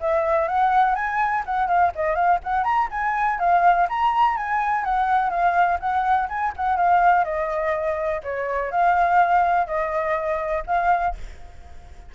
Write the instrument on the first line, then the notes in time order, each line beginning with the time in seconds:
flute
0.00 E5
0.48 F#5
0.95 G#5
1.45 F#5
1.68 F5
1.95 D#5
2.15 F5
2.43 F#5
2.64 A#5
2.91 G#5
3.39 F5
3.89 A#5
4.37 G#5
4.84 F#5
5.30 F5
5.80 F#5
6.29 G#5
6.56 F#5
6.77 F5
7.24 D#5
8.23 C#5
8.71 F5
9.67 D#5
10.66 F5